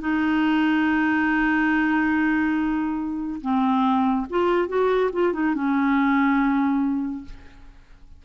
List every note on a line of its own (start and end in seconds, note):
0.00 3.40 D#4
3.41 4.26 C4
4.30 4.68 F4
4.68 5.10 F#4
5.12 5.33 F4
5.33 5.54 D#4
5.54 7.24 C#4